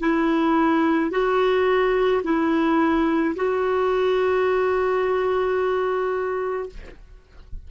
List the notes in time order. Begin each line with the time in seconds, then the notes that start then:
0.00 E4
1.11 F#4
2.24 E4
3.36 F#4